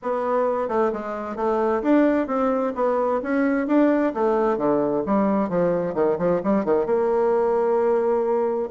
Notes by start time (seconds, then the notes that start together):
0.02 B3
0.68 A3
0.92 G#3
1.36 A3
1.82 D4
2.27 C4
2.75 B3
3.22 C#4
3.67 D4
4.13 A3
4.57 D3
5.05 G3
5.49 F3
5.94 D#3
6.18 F3
6.43 G3
6.64 D#3
6.85 A#3